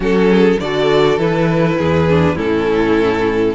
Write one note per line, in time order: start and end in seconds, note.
0.00 0.57 F#3
0.00 0.57 C#4
0.00 0.27 F#4
0.00 0.59 A4
0.28 0.58 G#4
0.59 1.17 D3
0.59 1.18 F#4
0.59 1.78 A4
0.59 1.19 D5
1.17 1.77 E3
1.17 2.07 E4
1.17 2.37 B4
1.78 2.37 E2
1.78 2.35 G#4
2.08 2.36 D4
2.35 3.54 A2
2.35 3.54 C#4
2.35 3.54 E4
2.35 3.54 A4